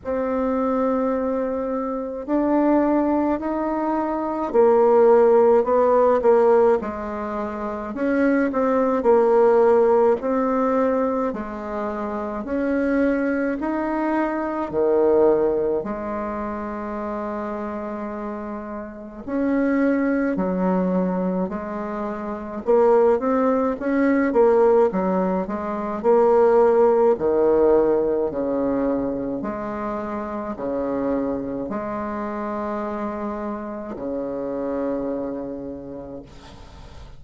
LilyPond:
\new Staff \with { instrumentName = "bassoon" } { \time 4/4 \tempo 4 = 53 c'2 d'4 dis'4 | ais4 b8 ais8 gis4 cis'8 c'8 | ais4 c'4 gis4 cis'4 | dis'4 dis4 gis2~ |
gis4 cis'4 fis4 gis4 | ais8 c'8 cis'8 ais8 fis8 gis8 ais4 | dis4 cis4 gis4 cis4 | gis2 cis2 | }